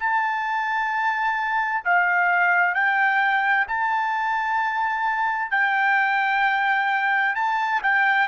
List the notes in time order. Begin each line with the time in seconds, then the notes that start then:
0.00 A5
1.85 F5
2.74 G5
3.68 A5
5.51 G5
7.36 A5
7.83 G5